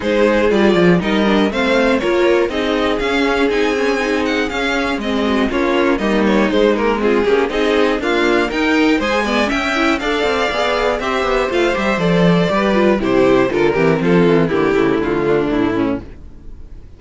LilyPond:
<<
  \new Staff \with { instrumentName = "violin" } { \time 4/4 \tempo 4 = 120 c''4 d''4 dis''4 f''4 | cis''4 dis''4 f''4 gis''4~ | gis''8 fis''8 f''4 dis''4 cis''4 | dis''8 cis''8 c''8 ais'8 gis'4 dis''4 |
f''4 g''4 gis''4 g''4 | f''2 e''4 f''8 e''8 | d''2 c''4 ais'4 | a'4 g'4 f'4 e'4 | }
  \new Staff \with { instrumentName = "violin" } { \time 4/4 gis'2 ais'4 c''4 | ais'4 gis'2.~ | gis'2~ gis'8 fis'8 f'4 | dis'2 f'8 g'8 gis'4 |
f'4 ais'4 c''8 d''8 e''4 | d''2 c''2~ | c''4 b'4 g'4 a'8 g'8 | f'4 e'4. d'4 cis'8 | }
  \new Staff \with { instrumentName = "viola" } { \time 4/4 dis'4 f'4 dis'8 d'8 c'4 | f'4 dis'4 cis'4 dis'8 cis'8 | dis'4 cis'4 c'4 cis'4 | ais4 gis8 ais8 c'8 cis'8 dis'4 |
ais4 dis'4 gis'8 b8 cis'8 e'8 | a'4 gis'4 g'4 f'8 g'8 | a'4 g'8 f'8 e'4 f'8 c'8~ | c'4 ais8 a2~ a8 | }
  \new Staff \with { instrumentName = "cello" } { \time 4/4 gis4 g8 f8 g4 a4 | ais4 c'4 cis'4 c'4~ | c'4 cis'4 gis4 ais4 | g4 gis4. ais8 c'4 |
d'4 dis'4 gis4 cis'4 | d'8 c'8 b4 c'8 b8 a8 g8 | f4 g4 c4 d8 e8 | f8 e8 d8 cis8 d4 a,4 | }
>>